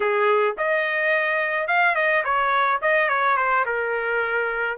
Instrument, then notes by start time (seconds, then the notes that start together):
trumpet
0.00 G#4
0.57 D#5
1.67 F5
1.95 D#5
2.24 C#5
2.81 D#5
3.08 C#5
3.36 C5
3.65 A#4